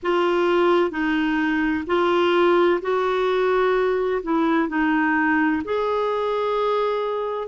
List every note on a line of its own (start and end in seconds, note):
0.03 0.90 F4
0.90 1.84 D#4
1.86 2.80 F4
2.81 4.22 F#4
4.22 4.68 E4
4.68 5.62 D#4
5.64 7.47 G#4